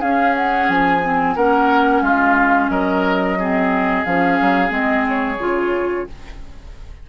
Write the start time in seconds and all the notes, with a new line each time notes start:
0.00 C#4 G#4 F5
0.35 F#5
0.69 F3 G#5
1.03 C4
1.36 A#3 C#4 A#4 F#5
2.02 G#3 F4 F5
2.69 F#3 A#4 D#5
3.39 C4 G#4
4.05 F3 C#4 F5
4.41 F#3
4.69 G#3 C4 D#5
5.08 C#5
5.38 C#3 F4